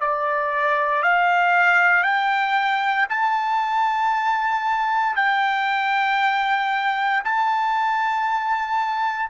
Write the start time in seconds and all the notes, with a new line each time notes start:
0.00 D5
1.03 F5
2.03 G5
3.09 A5
5.15 G5
7.24 A5